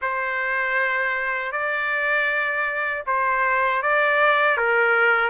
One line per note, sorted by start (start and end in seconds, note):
0.01 1.52 C5
1.52 3.03 D5
3.06 3.82 C5
3.82 4.57 D5
4.57 5.29 A#4